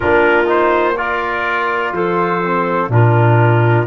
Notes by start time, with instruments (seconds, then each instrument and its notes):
0.00 tuba A#3, trombone D4, clarinet F4, trumpet A#4
0.44 trombone D#4, trumpet C5
0.96 trombone F4, clarinet A#4, trumpet D5
1.92 tuba F3, clarinet A4, trumpet C5
2.43 trombone C4
2.89 tuba A#2, trombone D4, clarinet F4, trumpet A#4